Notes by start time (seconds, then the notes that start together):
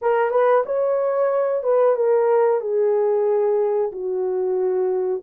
0.01 A#4
0.31 B4
0.65 C#5
1.63 B4
1.96 A#4
2.61 G#4
3.92 F#4